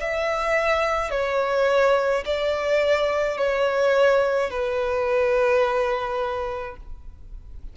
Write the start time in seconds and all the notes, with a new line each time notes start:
0.00 E5
1.11 C#5
2.25 D5
3.38 C#5
4.50 B4